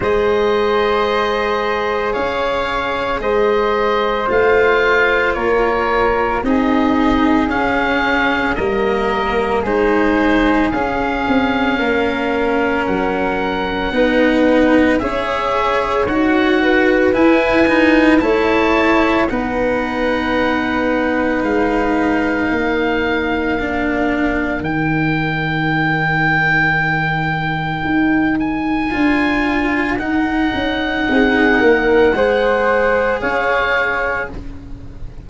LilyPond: <<
  \new Staff \with { instrumentName = "oboe" } { \time 4/4 \tempo 4 = 56 dis''2 f''4 dis''4 | f''4 cis''4 dis''4 f''4 | dis''4 c''4 f''2 | fis''2 e''4 fis''4 |
gis''4 a''4 fis''2 | f''2. g''4~ | g''2~ g''8 gis''4. | fis''2. f''4 | }
  \new Staff \with { instrumentName = "flute" } { \time 4/4 c''2 cis''4 c''4~ | c''4 ais'4 gis'2 | ais'4 gis'2 ais'4~ | ais'4 b'4 cis''4. b'8~ |
b'4 cis''4 b'2~ | b'4 ais'2.~ | ais'1~ | ais'4 gis'8 ais'8 c''4 cis''4 | }
  \new Staff \with { instrumentName = "cello" } { \time 4/4 gis'1 | f'2 dis'4 cis'4 | ais4 dis'4 cis'2~ | cis'4 dis'4 gis'4 fis'4 |
e'8 dis'8 e'4 dis'2~ | dis'2 d'4 dis'4~ | dis'2. f'4 | dis'2 gis'2 | }
  \new Staff \with { instrumentName = "tuba" } { \time 4/4 gis2 cis'4 gis4 | a4 ais4 c'4 cis'4 | g4 gis4 cis'8 c'8 ais4 | fis4 b4 cis'4 dis'4 |
e'4 a4 b2 | gis4 ais2 dis4~ | dis2 dis'4 d'4 | dis'8 cis'8 c'8 ais8 gis4 cis'4 | }
>>